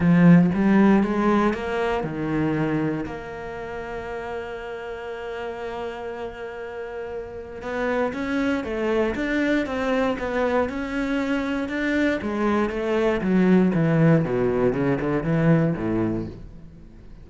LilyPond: \new Staff \with { instrumentName = "cello" } { \time 4/4 \tempo 4 = 118 f4 g4 gis4 ais4 | dis2 ais2~ | ais1~ | ais2. b4 |
cis'4 a4 d'4 c'4 | b4 cis'2 d'4 | gis4 a4 fis4 e4 | b,4 cis8 d8 e4 a,4 | }